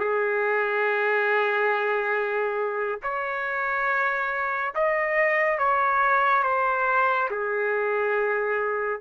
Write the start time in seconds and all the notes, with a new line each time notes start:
0.00 G#4
3.03 C#5
4.75 D#5
5.58 C#5
6.44 C5
7.31 G#4